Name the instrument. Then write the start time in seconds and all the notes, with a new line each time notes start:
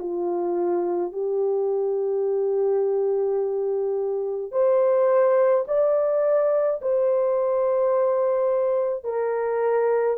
horn
0.00 F4
1.13 G4
4.52 C5
5.68 D5
6.82 C5
9.04 A#4